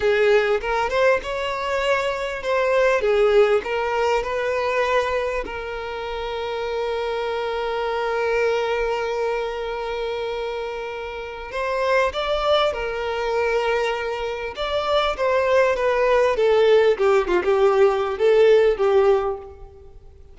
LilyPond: \new Staff \with { instrumentName = "violin" } { \time 4/4 \tempo 4 = 99 gis'4 ais'8 c''8 cis''2 | c''4 gis'4 ais'4 b'4~ | b'4 ais'2.~ | ais'1~ |
ais'2. c''4 | d''4 ais'2. | d''4 c''4 b'4 a'4 | g'8 f'16 g'4~ g'16 a'4 g'4 | }